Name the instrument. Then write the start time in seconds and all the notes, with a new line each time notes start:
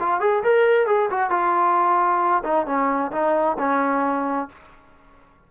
trombone
0.00 F4
0.21 G#4
0.43 A#4
0.87 G#4
1.11 F#4
1.30 F4
2.44 D#4
2.66 C#4
3.12 D#4
3.59 C#4